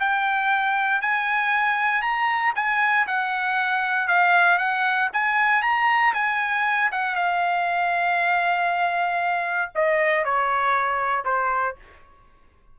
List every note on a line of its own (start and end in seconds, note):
0.00 1.02 G5
1.02 2.02 G#5
2.02 2.53 A#5
2.55 3.07 G#5
3.07 4.08 F#5
4.08 4.58 F5
4.58 5.10 F#5
5.13 5.62 G#5
5.62 6.14 A#5
6.14 6.91 G#5
6.92 7.15 F#5
7.15 9.72 F5
9.75 10.25 D#5
10.25 11.25 C#5
11.25 11.76 C5